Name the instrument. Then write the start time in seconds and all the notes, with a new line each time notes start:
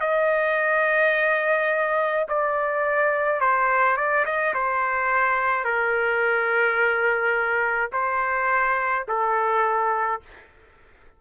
trumpet
0.00 D#5
2.28 D5
3.40 C5
3.96 D5
4.25 D#5
4.54 C5
5.64 A#4
7.92 C5
9.08 A4